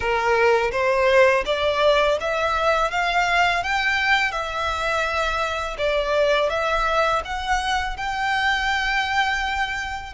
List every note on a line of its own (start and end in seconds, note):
0.00 0.71 A#4
0.71 1.44 C5
1.45 2.18 D5
2.20 2.90 E5
2.90 3.63 F5
3.63 4.31 G5
4.31 5.76 E5
5.78 6.49 D5
6.49 7.22 E5
7.25 7.96 F#5
7.96 10.13 G5